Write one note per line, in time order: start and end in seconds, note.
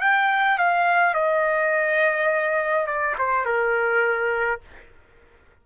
0.00 0.58 G5
0.58 1.14 F5
1.14 2.86 D#5
2.86 3.15 D5
3.18 3.45 C5
3.45 4.60 A#4